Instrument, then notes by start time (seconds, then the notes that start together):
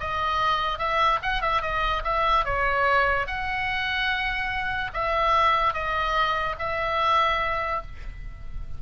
oboe
0.00 D#5
0.78 E5
1.23 F#5
1.42 E5
1.62 D#5
2.04 E5
2.45 C#5
3.27 F#5
4.94 E5
5.73 D#5
6.59 E5